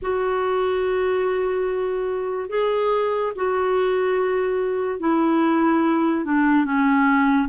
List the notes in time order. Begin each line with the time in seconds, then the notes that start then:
0.02 F#4
2.49 G#4
3.35 F#4
4.99 E4
6.25 D4
6.64 C#4